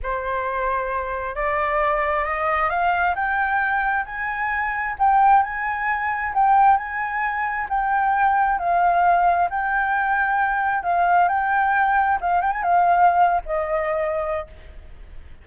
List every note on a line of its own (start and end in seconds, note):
0.02 1.35 C5
1.35 2.24 D5
2.24 2.69 D#5
2.69 3.14 F5
3.15 4.05 G5
4.05 4.96 G#5
4.98 5.43 G5
5.43 6.33 G#5
6.34 6.77 G5
6.77 7.67 G#5
7.69 8.58 G5
8.58 9.49 F5
9.50 10.83 G5
10.83 11.28 F5
11.28 12.18 G5
12.20 12.41 F5
12.41 12.52 G5
12.52 12.62 G#5
12.62 13.41 F5
13.45 14.47 D#5